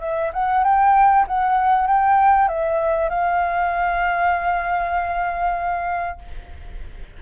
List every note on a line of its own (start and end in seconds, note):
0.00 0.31 E5
0.33 0.64 F#5
0.64 1.25 G5
1.27 1.87 F#5
1.87 2.48 G5
2.48 3.09 E5
3.09 6.19 F5